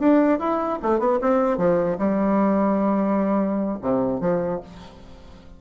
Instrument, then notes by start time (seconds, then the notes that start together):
bassoon
0.00 D4
0.40 E4
0.83 A3
0.99 B3
1.22 C4
1.58 F3
1.99 G3
3.82 C3
4.21 F3